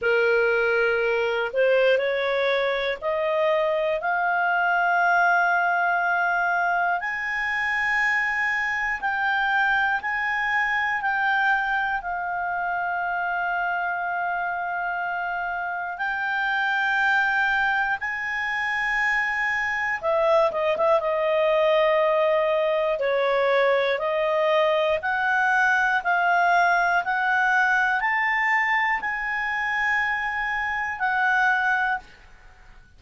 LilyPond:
\new Staff \with { instrumentName = "clarinet" } { \time 4/4 \tempo 4 = 60 ais'4. c''8 cis''4 dis''4 | f''2. gis''4~ | gis''4 g''4 gis''4 g''4 | f''1 |
g''2 gis''2 | e''8 dis''16 e''16 dis''2 cis''4 | dis''4 fis''4 f''4 fis''4 | a''4 gis''2 fis''4 | }